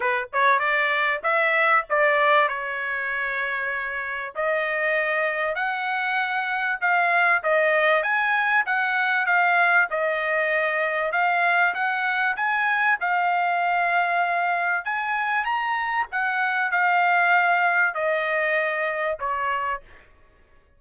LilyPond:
\new Staff \with { instrumentName = "trumpet" } { \time 4/4 \tempo 4 = 97 b'8 cis''8 d''4 e''4 d''4 | cis''2. dis''4~ | dis''4 fis''2 f''4 | dis''4 gis''4 fis''4 f''4 |
dis''2 f''4 fis''4 | gis''4 f''2. | gis''4 ais''4 fis''4 f''4~ | f''4 dis''2 cis''4 | }